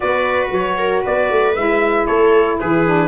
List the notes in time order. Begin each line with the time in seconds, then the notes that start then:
0.00 B3 F#4 B4 D5
0.51 F#3 C#5
0.78 A#4
1.01 B3 B4 D5
1.30 A3
1.55 G#3 E4 E5
2.06 A3 A4 C#5
2.59 E3 G#4 B4
2.86 D4